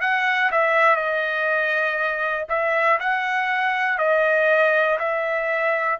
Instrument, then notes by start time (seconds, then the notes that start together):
trumpet
0.00 F#5
0.51 E5
0.95 D#5
2.49 E5
3.00 F#5
3.98 D#5
4.99 E5